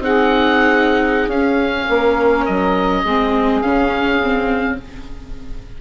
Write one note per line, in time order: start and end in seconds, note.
0.00 1.28 C4
0.00 1.31 D#4
0.00 1.89 G#4
0.00 1.30 F#5
1.28 1.86 C#4
1.28 3.07 C#4
1.28 2.46 F5
1.89 2.47 A#3
1.89 3.03 A#4
2.46 3.05 F#3
2.46 3.61 D#5
3.03 3.62 G#3
3.03 3.64 C4
3.03 4.76 G#4
3.61 4.81 C#3
3.61 4.22 C#4
3.61 4.77 F5
4.24 4.81 C4